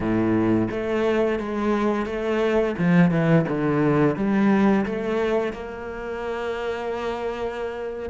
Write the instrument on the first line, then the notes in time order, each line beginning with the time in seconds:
cello
0.00 A2
0.71 A3
1.39 G#3
2.06 A3
2.78 F3
3.10 E3
3.48 D3
4.16 G3
4.85 A3
5.53 A#3